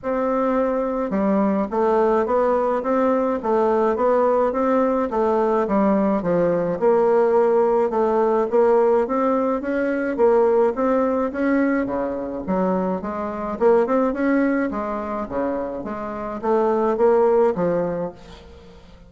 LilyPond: \new Staff \with { instrumentName = "bassoon" } { \time 4/4 \tempo 4 = 106 c'2 g4 a4 | b4 c'4 a4 b4 | c'4 a4 g4 f4 | ais2 a4 ais4 |
c'4 cis'4 ais4 c'4 | cis'4 cis4 fis4 gis4 | ais8 c'8 cis'4 gis4 cis4 | gis4 a4 ais4 f4 | }